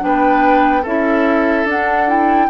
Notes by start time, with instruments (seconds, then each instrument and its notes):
0.00 bassoon B3, clarinet D4, oboe B4, flute G5
0.83 bassoon C#4, clarinet E4, oboe A4, flute E5
1.65 bassoon D4, clarinet D4, flute F#5
2.08 clarinet E4, flute G5